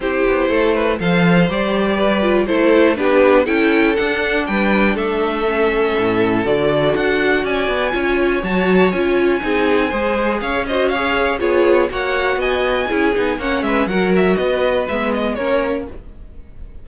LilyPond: <<
  \new Staff \with { instrumentName = "violin" } { \time 4/4 \tempo 4 = 121 c''2 f''4 d''4~ | d''4 c''4 b'4 g''4 | fis''4 g''4 e''2~ | e''4 d''4 fis''4 gis''4~ |
gis''4 a''4 gis''2~ | gis''4 f''8 dis''8 f''4 cis''4 | fis''4 gis''2 fis''8 e''8 | fis''8 e''8 dis''4 e''8 dis''8 cis''4 | }
  \new Staff \with { instrumentName = "violin" } { \time 4/4 g'4 a'8 b'8 c''2 | b'4 a'4 g'4 a'4~ | a'4 b'4 a'2~ | a'2. d''4 |
cis''2. gis'4 | c''4 cis''8 c''8 cis''4 gis'4 | cis''4 dis''4 gis'4 cis''8 b'8 | ais'4 b'2 ais'4 | }
  \new Staff \with { instrumentName = "viola" } { \time 4/4 e'2 a'4 g'4~ | g'8 f'8 e'4 d'4 e'4 | d'2. cis'4~ | cis'4 fis'2. |
f'4 fis'4 f'4 dis'4 | gis'4. fis'8 gis'4 f'4 | fis'2 e'8 dis'8 cis'4 | fis'2 b4 cis'4 | }
  \new Staff \with { instrumentName = "cello" } { \time 4/4 c'8 b8 a4 f4 g4~ | g4 a4 b4 cis'4 | d'4 g4 a2 | a,4 d4 d'4 cis'8 b8 |
cis'4 fis4 cis'4 c'4 | gis4 cis'2 b4 | ais4 b4 cis'8 b8 ais8 gis8 | fis4 b4 gis4 ais4 | }
>>